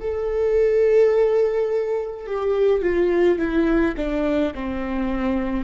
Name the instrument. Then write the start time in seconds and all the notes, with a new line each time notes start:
viola
0.00 A4
2.26 G4
2.81 F4
3.38 E4
3.97 D4
4.54 C4